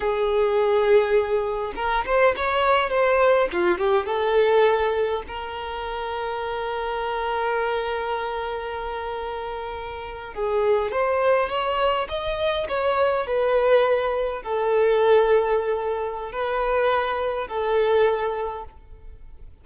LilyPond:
\new Staff \with { instrumentName = "violin" } { \time 4/4 \tempo 4 = 103 gis'2. ais'8 c''8 | cis''4 c''4 f'8 g'8 a'4~ | a'4 ais'2.~ | ais'1~ |
ais'4.~ ais'16 gis'4 c''4 cis''16~ | cis''8. dis''4 cis''4 b'4~ b'16~ | b'8. a'2.~ a'16 | b'2 a'2 | }